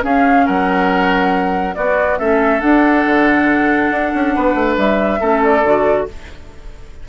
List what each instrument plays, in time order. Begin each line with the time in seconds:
0.00 clarinet C#4, bassoon C#4, oboe G#4, flute F5
0.45 bassoon F#3, oboe A#4, flute F#5
1.74 bassoon B3, clarinet B3, oboe F#4, flute D5
2.18 bassoon A3, clarinet C#4, oboe A4, flute E5
2.60 clarinet D4, bassoon D4, flute F#5
3.05 bassoon D3
3.90 bassoon D4
4.14 bassoon C#4
4.35 bassoon B3, oboe B4
4.54 bassoon A3
4.77 bassoon G3, flute E5
5.20 bassoon A3, clarinet C#4, oboe A4
5.43 flute D5
5.62 bassoon D3, clarinet F#4